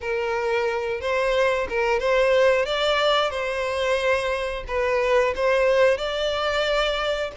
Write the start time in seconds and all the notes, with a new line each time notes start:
0.00 A#4
1.00 C5
1.69 A#4
1.99 C5
2.65 D5
3.30 C5
4.67 B4
5.35 C5
5.97 D5